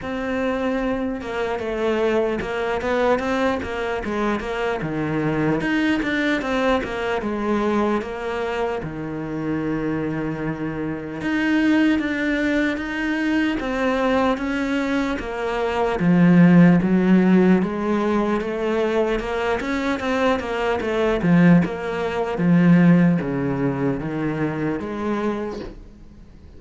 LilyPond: \new Staff \with { instrumentName = "cello" } { \time 4/4 \tempo 4 = 75 c'4. ais8 a4 ais8 b8 | c'8 ais8 gis8 ais8 dis4 dis'8 d'8 | c'8 ais8 gis4 ais4 dis4~ | dis2 dis'4 d'4 |
dis'4 c'4 cis'4 ais4 | f4 fis4 gis4 a4 | ais8 cis'8 c'8 ais8 a8 f8 ais4 | f4 cis4 dis4 gis4 | }